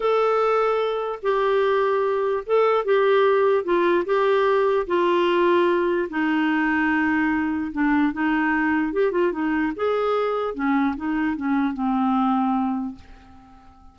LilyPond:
\new Staff \with { instrumentName = "clarinet" } { \time 4/4 \tempo 4 = 148 a'2. g'4~ | g'2 a'4 g'4~ | g'4 f'4 g'2 | f'2. dis'4~ |
dis'2. d'4 | dis'2 g'8 f'8 dis'4 | gis'2 cis'4 dis'4 | cis'4 c'2. | }